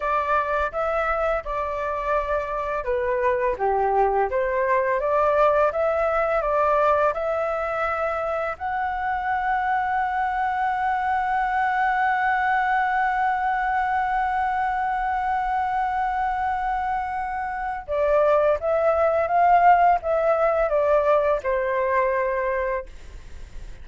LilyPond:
\new Staff \with { instrumentName = "flute" } { \time 4/4 \tempo 4 = 84 d''4 e''4 d''2 | b'4 g'4 c''4 d''4 | e''4 d''4 e''2 | fis''1~ |
fis''1~ | fis''1~ | fis''4 d''4 e''4 f''4 | e''4 d''4 c''2 | }